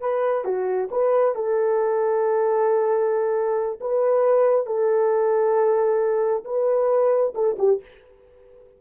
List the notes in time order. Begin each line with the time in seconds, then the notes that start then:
0.00 B4
0.44 F#4
0.91 B4
1.35 A4
3.80 B4
4.66 A4
6.44 B4
7.34 A4
7.58 G4